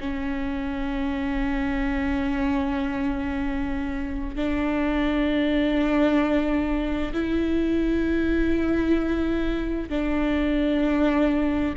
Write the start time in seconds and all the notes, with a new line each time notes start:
0.00 C#4
4.36 D4
7.13 E4
9.89 D4